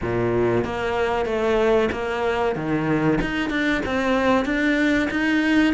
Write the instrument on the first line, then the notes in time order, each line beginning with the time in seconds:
cello
0.01 A#2
0.64 A#3
1.25 A3
1.91 A#3
2.55 D#3
3.21 D#4
3.50 D4
3.85 C4
4.45 D4
5.10 D#4